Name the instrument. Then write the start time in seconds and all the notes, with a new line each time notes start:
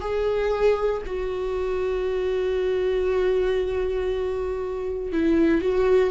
viola
0.00 G#4
1.05 F#4
5.12 E4
5.61 F#4